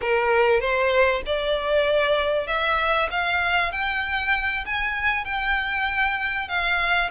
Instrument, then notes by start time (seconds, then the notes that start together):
violin
0.01 A#4
0.60 C5
1.26 D5
2.47 E5
3.11 F5
3.72 G5
4.65 G#5
5.24 G5
6.48 F5